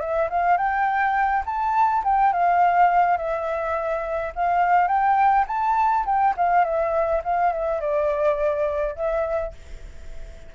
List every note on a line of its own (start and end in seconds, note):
0.00 0.29 E5
0.30 0.57 F5
0.57 1.44 G5
1.46 2.03 A5
2.04 2.33 G5
2.33 3.17 F5
3.17 4.33 E5
4.35 4.88 F5
4.88 5.45 G5
5.48 6.05 A5
6.06 6.35 G5
6.37 6.64 F5
6.64 7.22 E5
7.24 7.53 F5
7.53 7.81 E5
7.81 8.96 D5
8.96 9.53 E5